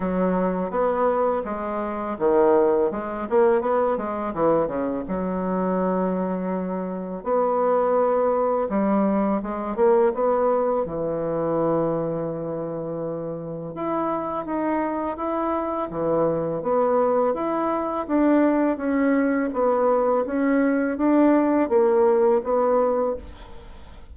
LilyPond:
\new Staff \with { instrumentName = "bassoon" } { \time 4/4 \tempo 4 = 83 fis4 b4 gis4 dis4 | gis8 ais8 b8 gis8 e8 cis8 fis4~ | fis2 b2 | g4 gis8 ais8 b4 e4~ |
e2. e'4 | dis'4 e'4 e4 b4 | e'4 d'4 cis'4 b4 | cis'4 d'4 ais4 b4 | }